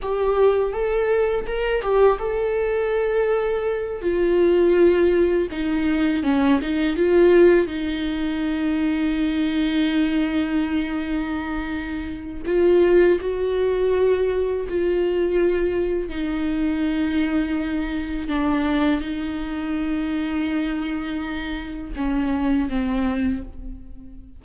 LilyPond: \new Staff \with { instrumentName = "viola" } { \time 4/4 \tempo 4 = 82 g'4 a'4 ais'8 g'8 a'4~ | a'4. f'2 dis'8~ | dis'8 cis'8 dis'8 f'4 dis'4.~ | dis'1~ |
dis'4 f'4 fis'2 | f'2 dis'2~ | dis'4 d'4 dis'2~ | dis'2 cis'4 c'4 | }